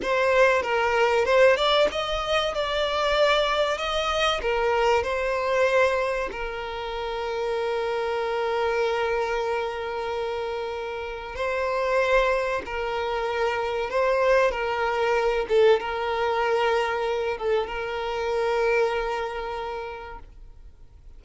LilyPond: \new Staff \with { instrumentName = "violin" } { \time 4/4 \tempo 4 = 95 c''4 ais'4 c''8 d''8 dis''4 | d''2 dis''4 ais'4 | c''2 ais'2~ | ais'1~ |
ais'2 c''2 | ais'2 c''4 ais'4~ | ais'8 a'8 ais'2~ ais'8 a'8 | ais'1 | }